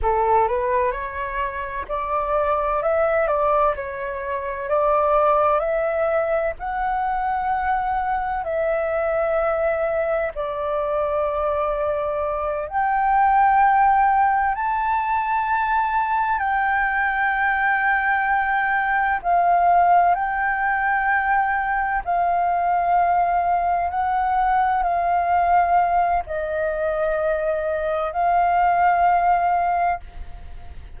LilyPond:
\new Staff \with { instrumentName = "flute" } { \time 4/4 \tempo 4 = 64 a'8 b'8 cis''4 d''4 e''8 d''8 | cis''4 d''4 e''4 fis''4~ | fis''4 e''2 d''4~ | d''4. g''2 a''8~ |
a''4. g''2~ g''8~ | g''8 f''4 g''2 f''8~ | f''4. fis''4 f''4. | dis''2 f''2 | }